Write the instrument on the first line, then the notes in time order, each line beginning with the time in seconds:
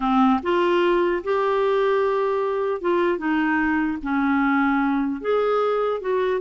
clarinet
0.00 C4
0.43 F4
1.23 G4
2.81 F4
3.18 D#4
4.02 C#4
5.21 G#4
6.00 F#4